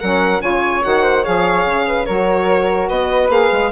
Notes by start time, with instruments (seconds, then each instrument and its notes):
0.00 bassoon F#3, saxophone C#4, flute A#4, violin F#5
0.40 bassoon C#3, saxophone F4, flute C#5, violin G#5
0.82 bassoon D#3, saxophone F#4, violin F#5
1.03 flute C5
1.22 bassoon F3, saxophone G#4, flute C#5, violin F5
1.65 bassoon C#3
1.87 flute B4
2.06 bassoon F#3, saxophone F#4, flute A#4, violin C#5
2.89 bassoon B3, flute B4, violin D#5
3.29 bassoon A#3, saxophone G#4, violin F5
3.52 bassoon G#3